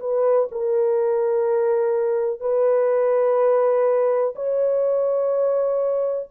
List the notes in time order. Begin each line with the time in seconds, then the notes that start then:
0.00 B4
0.52 A#4
2.41 B4
4.35 C#5